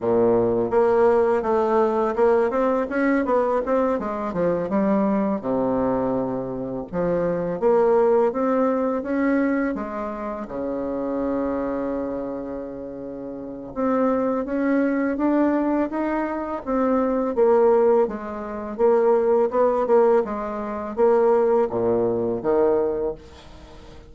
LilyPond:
\new Staff \with { instrumentName = "bassoon" } { \time 4/4 \tempo 4 = 83 ais,4 ais4 a4 ais8 c'8 | cis'8 b8 c'8 gis8 f8 g4 c8~ | c4. f4 ais4 c'8~ | c'8 cis'4 gis4 cis4.~ |
cis2. c'4 | cis'4 d'4 dis'4 c'4 | ais4 gis4 ais4 b8 ais8 | gis4 ais4 ais,4 dis4 | }